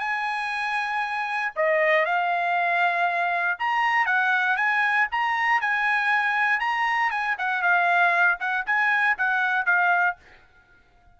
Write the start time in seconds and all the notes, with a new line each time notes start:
0.00 G#5
1.56 D#5
2.06 F5
3.59 A#5
4.06 F#5
4.56 G#5
5.11 A#5
5.61 G#5
6.60 A#5
7.10 G#5
7.38 F#5
7.62 F5
8.40 F#5
8.66 G#5
9.18 F#5
9.66 F5